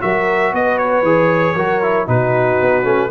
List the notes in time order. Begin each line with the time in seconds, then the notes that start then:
0.00 F#3 F#4 A#4 E5
0.52 B3 B4 D#5
0.78 C#5
1.02 E3 G#4
1.55 F#3 F#4 A#4
1.82 E4
2.06 B2 D#4 F#4 B4
2.61 B3
2.84 A3 C#4